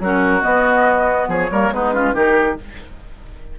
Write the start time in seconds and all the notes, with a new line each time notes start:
0.00 F#3 C#4 F#4 A#4
0.42 B3 D#5
1.28 F3 G#4 C#5
1.51 G3 A#3 A#4
1.71 G#3 B3 D#4 B4
1.93 C#4 F4
2.13 D#3 D#4 G4 A#4